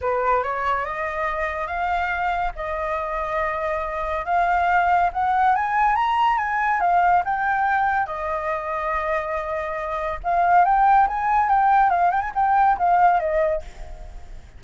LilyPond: \new Staff \with { instrumentName = "flute" } { \time 4/4 \tempo 4 = 141 b'4 cis''4 dis''2 | f''2 dis''2~ | dis''2 f''2 | fis''4 gis''4 ais''4 gis''4 |
f''4 g''2 dis''4~ | dis''1 | f''4 g''4 gis''4 g''4 | f''8 g''16 gis''16 g''4 f''4 dis''4 | }